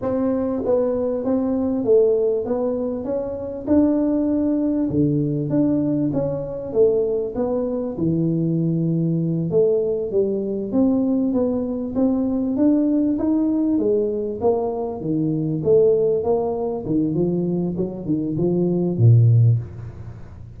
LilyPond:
\new Staff \with { instrumentName = "tuba" } { \time 4/4 \tempo 4 = 98 c'4 b4 c'4 a4 | b4 cis'4 d'2 | d4 d'4 cis'4 a4 | b4 e2~ e8 a8~ |
a8 g4 c'4 b4 c'8~ | c'8 d'4 dis'4 gis4 ais8~ | ais8 dis4 a4 ais4 dis8 | f4 fis8 dis8 f4 ais,4 | }